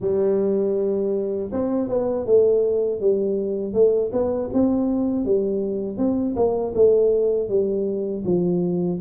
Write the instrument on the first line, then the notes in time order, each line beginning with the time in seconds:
tuba
0.00 G3
1.51 C4
1.88 B3
2.25 A3
3.00 G3
3.73 A3
4.12 B3
4.53 C4
5.25 G3
5.97 C4
6.36 A#3
6.74 A3
7.48 G3
8.25 F3